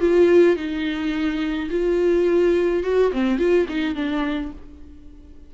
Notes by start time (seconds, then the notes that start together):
0.00 F4
0.56 D#4
1.70 F4
2.84 F#4
3.12 C4
3.39 F4
3.68 D#4
3.95 D4